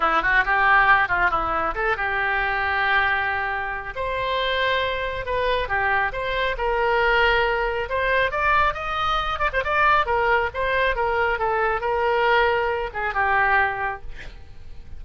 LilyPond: \new Staff \with { instrumentName = "oboe" } { \time 4/4 \tempo 4 = 137 e'8 fis'8 g'4. f'8 e'4 | a'8 g'2.~ g'8~ | g'4 c''2. | b'4 g'4 c''4 ais'4~ |
ais'2 c''4 d''4 | dis''4. d''16 c''16 d''4 ais'4 | c''4 ais'4 a'4 ais'4~ | ais'4. gis'8 g'2 | }